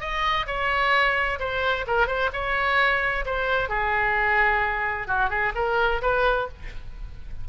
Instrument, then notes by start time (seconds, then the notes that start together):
oboe
0.00 D#5
0.47 C#5
1.39 C5
1.87 A#4
2.07 C5
2.33 C#5
3.25 C5
3.69 G#4
5.07 F#4
5.30 G#4
5.55 A#4
6.02 B4